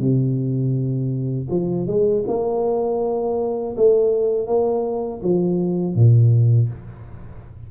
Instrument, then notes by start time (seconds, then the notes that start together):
tuba
0.00 C3
1.51 F3
1.87 G#3
2.28 A#3
3.77 A3
4.47 A#3
5.23 F3
5.95 A#2